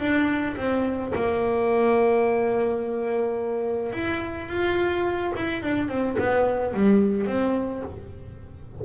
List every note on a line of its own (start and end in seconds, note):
0.00 0.56 D4
0.57 1.13 C4
1.15 3.93 A#3
3.93 4.49 E4
4.49 5.33 F4
5.36 5.63 E4
5.63 5.89 D4
5.89 6.17 C4
6.19 6.74 B3
6.74 7.27 G3
7.27 7.83 C4